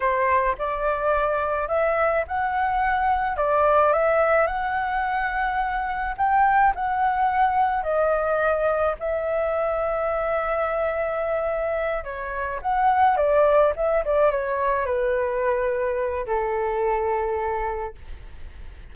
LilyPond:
\new Staff \with { instrumentName = "flute" } { \time 4/4 \tempo 4 = 107 c''4 d''2 e''4 | fis''2 d''4 e''4 | fis''2. g''4 | fis''2 dis''2 |
e''1~ | e''4. cis''4 fis''4 d''8~ | d''8 e''8 d''8 cis''4 b'4.~ | b'4 a'2. | }